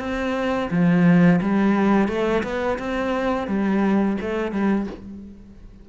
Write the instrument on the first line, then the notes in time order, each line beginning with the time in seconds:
cello
0.00 C4
0.71 F3
1.42 G3
2.08 A3
2.44 B3
2.79 C4
3.48 G3
4.21 A3
4.52 G3